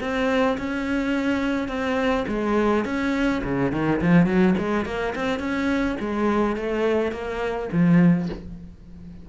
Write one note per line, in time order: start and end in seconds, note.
0.00 0.57 C4
0.57 1.68 C#4
1.68 2.25 C4
2.28 2.85 G#3
2.85 3.42 C#4
3.43 3.71 C#3
3.71 4.00 D#3
4.01 4.26 F3
4.26 4.54 F#3
4.58 4.85 G#3
4.85 5.14 A#3
5.15 5.39 C4
5.39 5.96 C#4
5.99 6.56 G#3
6.56 7.11 A3
7.11 7.68 A#3
7.72 8.29 F3